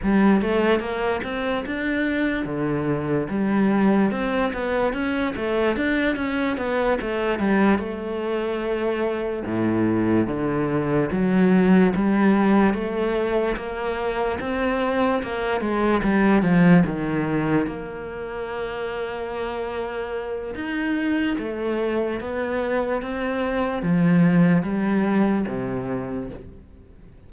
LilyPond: \new Staff \with { instrumentName = "cello" } { \time 4/4 \tempo 4 = 73 g8 a8 ais8 c'8 d'4 d4 | g4 c'8 b8 cis'8 a8 d'8 cis'8 | b8 a8 g8 a2 a,8~ | a,8 d4 fis4 g4 a8~ |
a8 ais4 c'4 ais8 gis8 g8 | f8 dis4 ais2~ ais8~ | ais4 dis'4 a4 b4 | c'4 f4 g4 c4 | }